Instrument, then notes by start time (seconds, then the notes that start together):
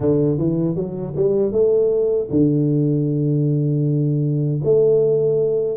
tuba
0.00 D3
0.38 E3
0.75 F#3
1.16 G3
1.51 A3
2.30 D3
4.64 A3